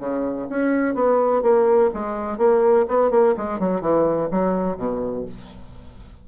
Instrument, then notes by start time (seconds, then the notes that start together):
bassoon
0.00 C#3
0.50 C#4
0.95 B3
1.42 A#3
1.94 G#3
2.38 A#3
2.89 B3
3.11 A#3
3.38 G#3
3.60 F#3
3.81 E3
4.31 F#3
4.77 B2